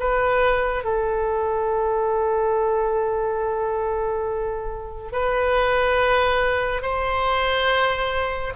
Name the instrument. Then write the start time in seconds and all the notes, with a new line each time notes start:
oboe
0.00 B4
0.85 A4
5.12 B4
6.83 C5